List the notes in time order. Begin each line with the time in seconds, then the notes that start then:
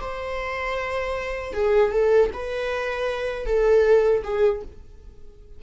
0.00 C5
1.53 G#4
1.91 A4
2.33 B4
3.45 A4
4.23 G#4